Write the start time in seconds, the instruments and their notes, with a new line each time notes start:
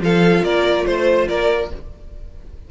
0.00 cello F3, viola F4, violin A4 F5
0.43 cello A#3, violin A#4 D5
0.86 cello A3, violin C5
1.28 cello A#3, violin A#4 D5